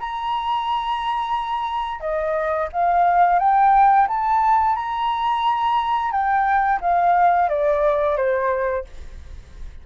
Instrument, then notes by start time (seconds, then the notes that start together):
flute
0.00 A#5
2.00 D#5
2.72 F5
3.39 G5
4.08 A5
4.76 A#5
6.11 G5
6.81 F5
7.49 D5
8.17 C5